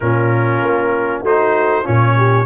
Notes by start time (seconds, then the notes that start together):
0.00 A#2 C#4 F4 A#4
0.61 A#3
1.21 A3 D#4 F#4 C5
1.84 A#2 C#4 F4 C#5
2.17 G4